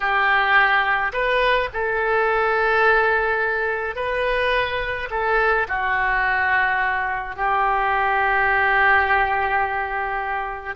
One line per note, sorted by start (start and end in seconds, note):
0.00 1.12 G4
1.12 1.69 B4
1.73 3.95 A4
3.95 5.08 B4
5.10 5.67 A4
5.68 7.36 F#4
7.36 10.75 G4